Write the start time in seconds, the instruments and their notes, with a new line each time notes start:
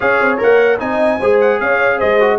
0.00 tuba C#4, trombone G#4, horn C#5, trumpet F5
0.20 tuba C4
0.38 tuba A#3, trombone A#4, trumpet F#5
0.79 tuba C4, trombone D#4, horn D#5, trumpet G#5
1.20 tuba G#3, trombone G#4, horn C5
1.40 trumpet F#5
1.60 tuba C#4, horn C#5, trumpet F5
1.97 tuba G#3, horn C5, trumpet D#5
2.20 trombone F#4